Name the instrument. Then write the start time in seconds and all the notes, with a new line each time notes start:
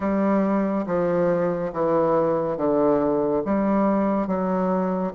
bassoon
0.00 G3
0.86 F3
1.72 E3
2.57 D3
3.45 G3
4.27 F#3